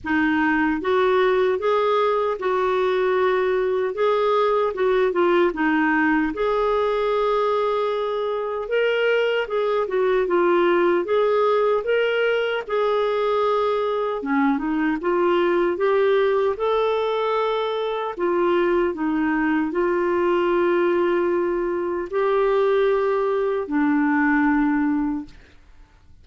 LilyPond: \new Staff \with { instrumentName = "clarinet" } { \time 4/4 \tempo 4 = 76 dis'4 fis'4 gis'4 fis'4~ | fis'4 gis'4 fis'8 f'8 dis'4 | gis'2. ais'4 | gis'8 fis'8 f'4 gis'4 ais'4 |
gis'2 cis'8 dis'8 f'4 | g'4 a'2 f'4 | dis'4 f'2. | g'2 d'2 | }